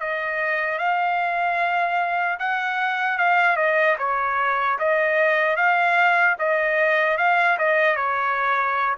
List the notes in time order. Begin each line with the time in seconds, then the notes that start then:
0.00 D#5
0.79 F5
2.39 F#5
3.18 F5
3.57 D#5
3.99 C#5
4.79 D#5
5.57 F5
6.39 D#5
7.18 F5
7.59 D#5
7.96 C#5